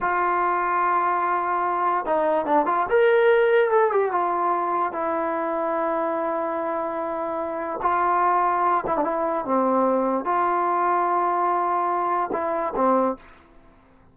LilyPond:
\new Staff \with { instrumentName = "trombone" } { \time 4/4 \tempo 4 = 146 f'1~ | f'4 dis'4 d'8 f'8 ais'4~ | ais'4 a'8 g'8 f'2 | e'1~ |
e'2. f'4~ | f'4. e'16 d'16 e'4 c'4~ | c'4 f'2.~ | f'2 e'4 c'4 | }